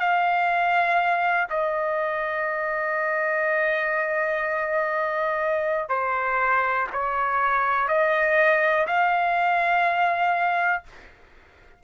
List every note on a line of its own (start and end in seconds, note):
0.00 1.48 F5
1.50 5.89 D#5
5.89 6.88 C5
6.93 7.88 C#5
7.88 8.87 D#5
8.87 10.84 F5